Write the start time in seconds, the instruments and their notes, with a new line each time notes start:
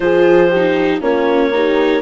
0.00 bassoon F3, viola F4, horn G#4, clarinet C5
0.49 horn G4
0.56 viola D#4
1.01 bassoon A#3, viola C#4, horn F4, clarinet C#5
1.53 viola D#4, horn G4